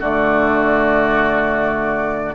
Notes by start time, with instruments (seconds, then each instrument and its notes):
0.00 bassoon D3, clarinet A3, oboe F#4, flute D5